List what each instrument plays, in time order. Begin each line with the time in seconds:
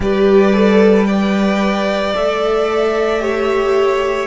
0.00 cello G3, viola G4, violin B4 D5
0.53 viola A4
1.06 viola B4, violin D5 G5
2.14 cello A3, viola A4, violin E5
3.19 viola G4, violin C#5